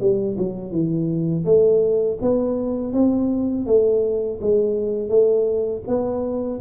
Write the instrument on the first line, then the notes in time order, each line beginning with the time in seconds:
tuba
0.00 G3
0.38 F#3
0.72 E3
1.45 A3
2.22 B3
2.93 C4
3.66 A3
4.41 G#3
5.09 A3
5.87 B3